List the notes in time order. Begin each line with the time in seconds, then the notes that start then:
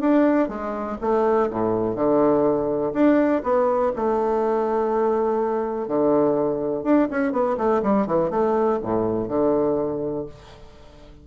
0.00 D4
0.48 G#3
1.01 A3
1.50 A2
1.95 D3
2.93 D4
3.43 B3
3.96 A3
5.88 D3
6.83 D4
7.10 C#4
7.32 B3
7.57 A3
7.82 G3
8.06 E3
8.30 A3
8.82 A2
9.28 D3